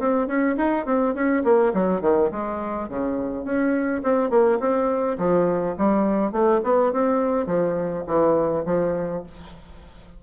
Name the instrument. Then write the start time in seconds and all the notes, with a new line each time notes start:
bassoon
0.00 C4
0.28 C#4
0.57 D#4
0.86 C4
1.15 C#4
1.44 A#3
1.74 F#3
2.02 D#3
2.32 G#3
2.89 C#3
3.45 C#4
4.04 C4
4.31 A#3
4.60 C4
5.19 F3
5.78 G3
6.33 A3
6.64 B3
6.93 C4
7.47 F3
8.07 E3
8.66 F3